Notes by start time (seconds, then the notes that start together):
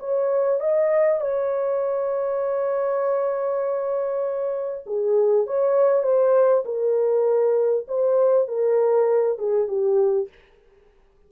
0.00 C#5
0.61 D#5
1.21 C#5
4.87 G#4
5.47 C#5
6.04 C5
6.66 A#4
7.88 C5
8.48 A#4
9.39 G#4
9.68 G4